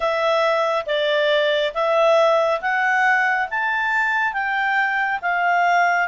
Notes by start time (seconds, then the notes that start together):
0.00 E5
0.86 D5
1.74 E5
2.61 F#5
3.50 A5
4.33 G5
5.21 F5